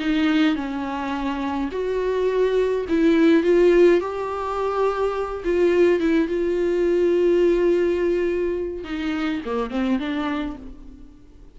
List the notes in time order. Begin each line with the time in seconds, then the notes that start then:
0.00 D#4
0.56 C#4
1.72 F#4
2.89 E4
3.44 F4
4.01 G4
5.45 F4
6.00 E4
6.28 F4
8.84 D#4
9.45 A#3
9.71 C4
9.99 D4